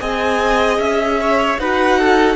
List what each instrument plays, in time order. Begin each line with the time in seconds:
0.00 cello C4, viola G#4, violin D#5 G#5
0.79 cello C#4, violin E5
1.21 violin C#5
1.58 cello D#4, viola F#4, violin B4 F#5
1.99 violin A4